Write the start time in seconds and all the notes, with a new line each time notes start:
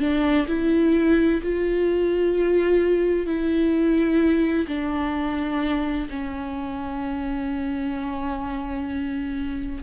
0.00 D4
0.48 E4
1.43 F4
3.26 E4
4.67 D4
6.10 C#4